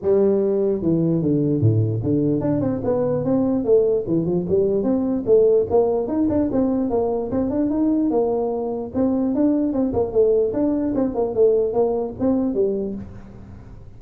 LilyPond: \new Staff \with { instrumentName = "tuba" } { \time 4/4 \tempo 4 = 148 g2 e4 d4 | a,4 d4 d'8 c'8 b4 | c'4 a4 e8 f8 g4 | c'4 a4 ais4 dis'8 d'8 |
c'4 ais4 c'8 d'8 dis'4 | ais2 c'4 d'4 | c'8 ais8 a4 d'4 c'8 ais8 | a4 ais4 c'4 g4 | }